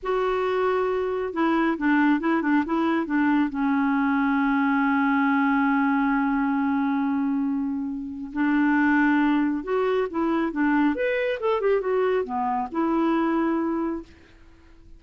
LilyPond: \new Staff \with { instrumentName = "clarinet" } { \time 4/4 \tempo 4 = 137 fis'2. e'4 | d'4 e'8 d'8 e'4 d'4 | cis'1~ | cis'1~ |
cis'2. d'4~ | d'2 fis'4 e'4 | d'4 b'4 a'8 g'8 fis'4 | b4 e'2. | }